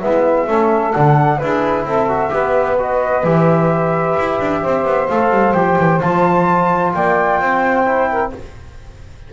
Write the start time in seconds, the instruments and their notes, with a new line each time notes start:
0.00 double bass G#3, trombone B3, saxophone E4, flute E5
0.46 double bass A3, trombone C#4, saxophone A4
0.92 double bass D3, trombone D4, flute F#5
1.38 double bass D4, trombone E4, saxophone G#4, flute B4
1.84 double bass C4, saxophone A4, flute E5
2.08 trombone F#4
2.29 double bass B3, trombone G4, saxophone B4
2.78 trombone F#4, flute D#5
3.23 double bass E3, trombone G4, flute E5
4.18 double bass E4
4.39 double bass D4
4.62 double bass C4, saxophone C5
4.84 double bass B3
5.08 double bass A3, trombone A4, flute F5
5.30 double bass G3
5.53 double bass F3, trombone G4, flute G5
5.78 double bass E3
5.99 double bass F3, trombone F4, flute A5
6.94 double bass A#3, saxophone D5, flute G5
7.39 double bass C4, saxophone C5
7.84 trombone E4
8.10 saxophone A#4